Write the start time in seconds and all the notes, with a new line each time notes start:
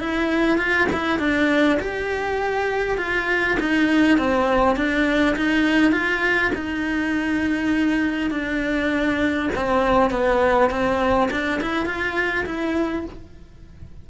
0.00 E4
0.58 F4
0.92 E4
1.19 D4
1.80 G4
2.98 F4
3.60 D#4
4.18 C4
4.77 D4
5.36 D#4
5.92 F4
6.55 D#4
8.31 D4
9.55 C4
10.11 B3
10.70 C4
11.31 D4
11.62 E4
11.86 F4
12.46 E4